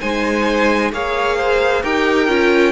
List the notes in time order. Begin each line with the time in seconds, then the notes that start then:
0.00 G#3 D#4 C5 G#5
0.92 A#3 G#4 C#5 F5
1.37 C5
1.82 D#4 G4 A#4 G5
2.27 C#4 F4